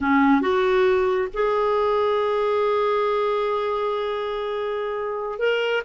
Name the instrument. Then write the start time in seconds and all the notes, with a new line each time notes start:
clarinet
0.00 C#4
0.41 F#4
1.33 G#4
5.39 A#4